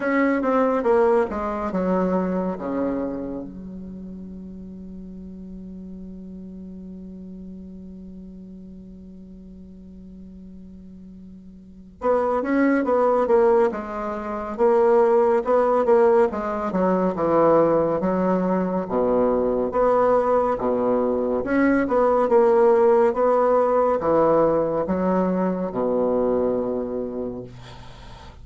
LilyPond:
\new Staff \with { instrumentName = "bassoon" } { \time 4/4 \tempo 4 = 70 cis'8 c'8 ais8 gis8 fis4 cis4 | fis1~ | fis1~ | fis2 b8 cis'8 b8 ais8 |
gis4 ais4 b8 ais8 gis8 fis8 | e4 fis4 b,4 b4 | b,4 cis'8 b8 ais4 b4 | e4 fis4 b,2 | }